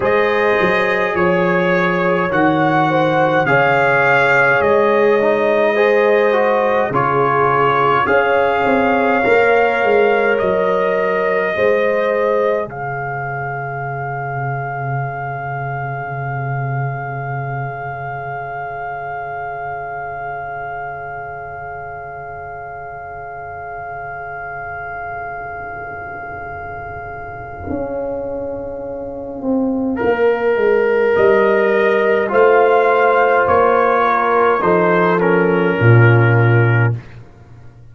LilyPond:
<<
  \new Staff \with { instrumentName = "trumpet" } { \time 4/4 \tempo 4 = 52 dis''4 cis''4 fis''4 f''4 | dis''2 cis''4 f''4~ | f''4 dis''2 f''4~ | f''1~ |
f''1~ | f''1~ | f''2. dis''4 | f''4 cis''4 c''8 ais'4. | }
  \new Staff \with { instrumentName = "horn" } { \time 4/4 c''4 cis''4. c''8 cis''4~ | cis''4 c''4 gis'4 cis''4~ | cis''2 c''4 cis''4~ | cis''1~ |
cis''1~ | cis''1~ | cis''1 | c''4. ais'8 a'4 f'4 | }
  \new Staff \with { instrumentName = "trombone" } { \time 4/4 gis'2 fis'4 gis'4~ | gis'8 dis'8 gis'8 fis'8 f'4 gis'4 | ais'2 gis'2~ | gis'1~ |
gis'1~ | gis'1~ | gis'2 ais'2 | f'2 dis'8 cis'4. | }
  \new Staff \with { instrumentName = "tuba" } { \time 4/4 gis8 fis8 f4 dis4 cis4 | gis2 cis4 cis'8 c'8 | ais8 gis8 fis4 gis4 cis4~ | cis1~ |
cis1~ | cis1 | cis'4. c'8 ais8 gis8 g4 | a4 ais4 f4 ais,4 | }
>>